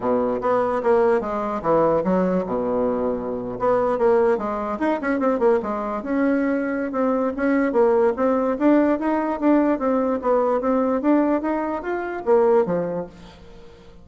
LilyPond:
\new Staff \with { instrumentName = "bassoon" } { \time 4/4 \tempo 4 = 147 b,4 b4 ais4 gis4 | e4 fis4 b,2~ | b,8. b4 ais4 gis4 dis'16~ | dis'16 cis'8 c'8 ais8 gis4 cis'4~ cis'16~ |
cis'4 c'4 cis'4 ais4 | c'4 d'4 dis'4 d'4 | c'4 b4 c'4 d'4 | dis'4 f'4 ais4 f4 | }